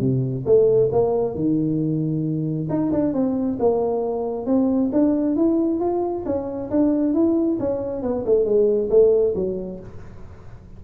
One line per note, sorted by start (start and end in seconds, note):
0.00 0.44 C3
0.46 0.90 A3
0.92 1.35 A#3
1.35 2.68 D#3
2.69 2.92 D#4
2.92 3.13 D4
3.13 3.58 C4
3.59 4.46 A#3
4.46 4.90 C4
4.93 5.36 D4
5.36 5.80 E4
5.80 6.24 F4
6.25 6.70 C#4
6.71 7.14 D4
7.14 7.58 E4
7.60 8.02 C#4
8.02 8.25 B3
8.25 8.45 A3
8.45 8.89 G#3
8.90 9.34 A3
9.35 9.80 F#3